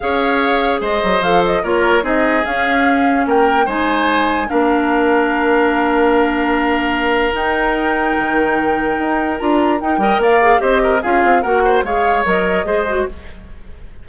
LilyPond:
<<
  \new Staff \with { instrumentName = "flute" } { \time 4/4 \tempo 4 = 147 f''2 dis''4 f''8 dis''8 | cis''4 dis''4 f''2 | g''4 gis''2 f''4~ | f''1~ |
f''2 g''2~ | g''2. ais''4 | g''4 f''4 dis''4 f''4 | fis''4 f''4 dis''2 | }
  \new Staff \with { instrumentName = "oboe" } { \time 4/4 cis''2 c''2 | ais'4 gis'2. | ais'4 c''2 ais'4~ | ais'1~ |
ais'1~ | ais'1~ | ais'8 dis''8 d''4 c''8 ais'8 gis'4 | ais'8 c''8 cis''2 c''4 | }
  \new Staff \with { instrumentName = "clarinet" } { \time 4/4 gis'2. a'4 | f'4 dis'4 cis'2~ | cis'4 dis'2 d'4~ | d'1~ |
d'2 dis'2~ | dis'2. f'4 | dis'8 ais'4 gis'8 g'4 f'4 | fis'4 gis'4 ais'4 gis'8 fis'8 | }
  \new Staff \with { instrumentName = "bassoon" } { \time 4/4 cis'2 gis8 fis8 f4 | ais4 c'4 cis'2 | ais4 gis2 ais4~ | ais1~ |
ais2 dis'2 | dis2 dis'4 d'4 | dis'8 g8 ais4 c'4 cis'8 c'8 | ais4 gis4 fis4 gis4 | }
>>